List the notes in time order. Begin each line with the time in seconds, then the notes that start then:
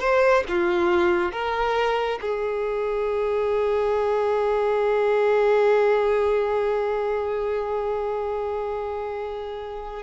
0.00 C5
0.48 F4
1.32 A#4
2.21 G#4